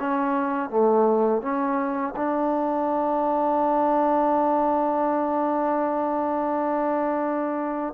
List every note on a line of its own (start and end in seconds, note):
0.00 0.70 C#4
0.70 1.42 A3
1.42 2.15 C#4
2.17 7.94 D4